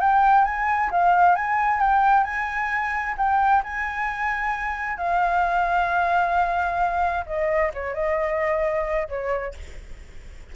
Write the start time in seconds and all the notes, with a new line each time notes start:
0.00 G5
0.45 G#5
0.91 F5
1.35 G#5
1.80 G5
2.24 G#5
3.17 G5
3.63 G#5
4.97 F5
7.26 D#5
7.74 C#5
7.94 D#5
9.08 C#5